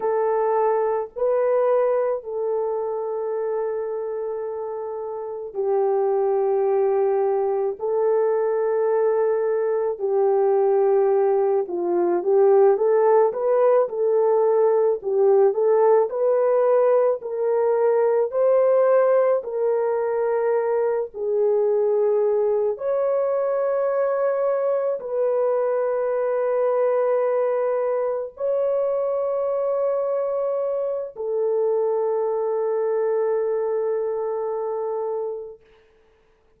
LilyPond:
\new Staff \with { instrumentName = "horn" } { \time 4/4 \tempo 4 = 54 a'4 b'4 a'2~ | a'4 g'2 a'4~ | a'4 g'4. f'8 g'8 a'8 | b'8 a'4 g'8 a'8 b'4 ais'8~ |
ais'8 c''4 ais'4. gis'4~ | gis'8 cis''2 b'4.~ | b'4. cis''2~ cis''8 | a'1 | }